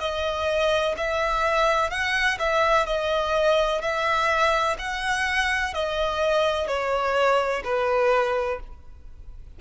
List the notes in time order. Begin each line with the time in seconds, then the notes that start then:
0.00 D#5
0.97 E5
1.90 F#5
2.39 E5
2.87 D#5
3.82 E5
4.79 F#5
5.74 D#5
6.68 C#5
7.65 B4